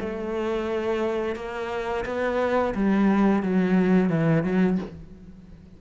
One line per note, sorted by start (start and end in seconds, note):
0.00 1.36 A3
1.36 2.05 A#3
2.05 2.74 B3
2.75 3.43 G3
3.43 4.10 F#3
4.10 4.44 E3
4.44 4.78 F#3